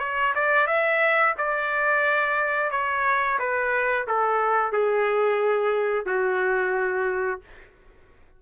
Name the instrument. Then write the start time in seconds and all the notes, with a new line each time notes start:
trumpet
0.00 C#5
0.35 D5
0.67 E5
1.38 D5
2.72 C#5
3.40 B4
4.08 A4
4.73 G#4
6.06 F#4